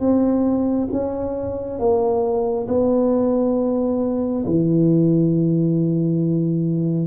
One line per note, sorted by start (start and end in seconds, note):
0.00 0.88 C4
0.92 1.79 C#4
1.79 2.68 A#3
2.68 4.45 B3
4.46 7.07 E3